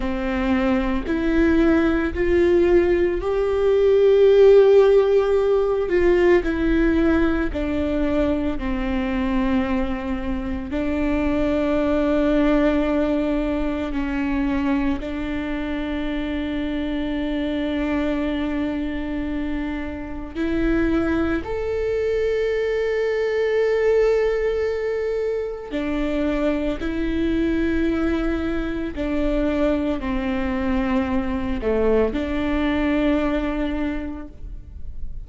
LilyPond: \new Staff \with { instrumentName = "viola" } { \time 4/4 \tempo 4 = 56 c'4 e'4 f'4 g'4~ | g'4. f'8 e'4 d'4 | c'2 d'2~ | d'4 cis'4 d'2~ |
d'2. e'4 | a'1 | d'4 e'2 d'4 | c'4. a8 d'2 | }